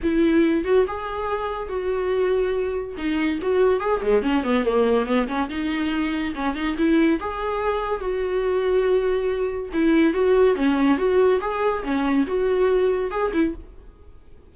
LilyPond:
\new Staff \with { instrumentName = "viola" } { \time 4/4 \tempo 4 = 142 e'4. fis'8 gis'2 | fis'2. dis'4 | fis'4 gis'8 gis8 cis'8 b8 ais4 | b8 cis'8 dis'2 cis'8 dis'8 |
e'4 gis'2 fis'4~ | fis'2. e'4 | fis'4 cis'4 fis'4 gis'4 | cis'4 fis'2 gis'8 e'8 | }